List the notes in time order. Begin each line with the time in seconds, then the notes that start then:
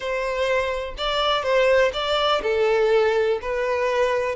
0.00 C5
0.97 D5
1.43 C5
1.93 D5
2.43 A4
3.41 B4